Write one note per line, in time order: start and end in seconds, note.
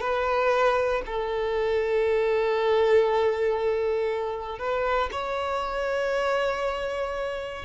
0.00 1.02 B4
1.06 4.59 A4
4.59 5.09 B4
5.11 7.65 C#5